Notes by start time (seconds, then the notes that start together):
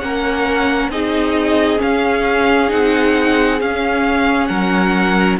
0.00 A#3 C#4 A#4 F#5
0.88 C4 D#4 G#4 D#5
1.77 C#4 F5
2.68 C4 D#4 F#5
3.60 C#4 F5
4.46 F#3 A#4 F#5